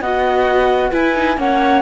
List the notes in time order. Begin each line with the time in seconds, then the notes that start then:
0.00 B3 F#4 D#5 F#5
0.90 E4 B4 G#5
1.15 D#4
1.37 A#3 C#4 C#5 F#5